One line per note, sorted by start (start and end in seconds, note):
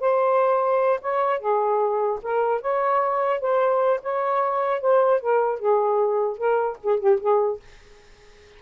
0.00 1.00 C5
1.01 1.40 C#5
1.40 2.20 G#4
2.23 2.61 A#4
2.61 3.41 C#5
3.41 4.01 C5
4.03 4.81 C#5
4.81 5.21 C5
5.21 5.59 A#4
5.59 6.38 G#4
6.38 6.78 A#4
6.83 7.00 G#4
7.00 7.20 G4
7.20 7.60 G#4